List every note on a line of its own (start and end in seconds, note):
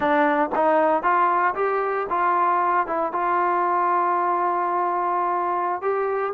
0.00 0.49 D4
0.55 1.02 D#4
1.02 1.54 F4
1.54 2.06 G4
2.09 2.86 F4
2.86 3.12 E4
3.12 5.81 F4
5.81 6.33 G4